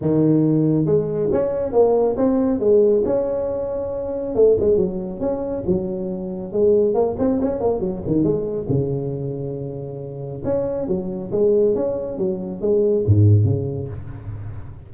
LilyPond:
\new Staff \with { instrumentName = "tuba" } { \time 4/4 \tempo 4 = 138 dis2 gis4 cis'4 | ais4 c'4 gis4 cis'4~ | cis'2 a8 gis8 fis4 | cis'4 fis2 gis4 |
ais8 c'8 cis'8 ais8 fis8 dis8 gis4 | cis1 | cis'4 fis4 gis4 cis'4 | fis4 gis4 gis,4 cis4 | }